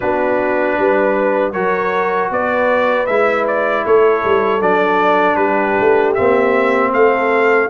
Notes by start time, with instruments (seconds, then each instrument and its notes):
0.00 tuba B3, trombone D4, horn F#4, trumpet B4
0.77 tuba G3, horn B4
1.52 tuba F#3, trombone F#4, horn A#4, trumpet C#5
2.30 tuba B3, horn B4, trumpet D5
3.06 tuba G#3, trombone E4, trumpet E5
3.47 trumpet D5
3.85 tuba A3, horn A4, trumpet C#5
4.24 tuba G3
4.61 tuba F#3, trombone D4, trumpet D5
5.36 tuba G3, horn G4, trumpet B4
5.79 tuba A3
6.14 tuba A#3, trombone C4, trumpet E5
6.92 tuba A3, horn A4, trumpet F5